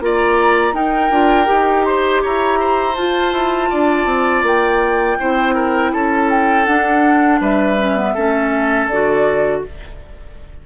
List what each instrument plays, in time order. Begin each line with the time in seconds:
0.00 bassoon A#3, clarinet F4, oboe D5, flute A#5
0.73 bassoon D#4, clarinet D#4, oboe A#4, flute G5
1.10 bassoon D4, clarinet F4
1.45 bassoon D#4, clarinet G4
1.85 oboe C5, flute C6
2.22 bassoon E4, oboe C#5, flute A#5
2.60 oboe C5
2.95 bassoon F4, clarinet F4, flute A5
3.32 bassoon E4
3.70 bassoon D4, oboe D5
4.05 bassoon C4
4.42 bassoon A#3, flute G5
5.19 bassoon C4, clarinet E4, oboe C5
5.54 oboe A#4
5.92 bassoon C#4, oboe A4, flute A5
6.29 flute G5
6.65 clarinet D4, bassoon D4, flute F#5
7.40 bassoon G3, oboe B4, flute E5
7.78 clarinet C#4
7.97 clarinet B3
8.14 bassoon A3, clarinet C#4, oboe A4
8.88 bassoon D3, clarinet F#4, flute D5